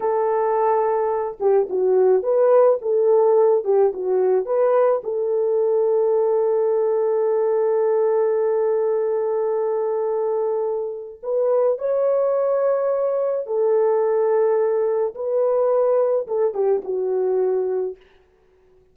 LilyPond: \new Staff \with { instrumentName = "horn" } { \time 4/4 \tempo 4 = 107 a'2~ a'8 g'8 fis'4 | b'4 a'4. g'8 fis'4 | b'4 a'2.~ | a'1~ |
a'1 | b'4 cis''2. | a'2. b'4~ | b'4 a'8 g'8 fis'2 | }